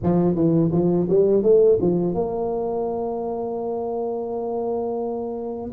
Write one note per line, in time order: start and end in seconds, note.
0.03 0.35 F3
0.35 0.70 E3
0.71 1.07 F3
1.09 1.43 G3
1.43 1.78 A3
1.81 2.14 F3
2.14 5.71 A#3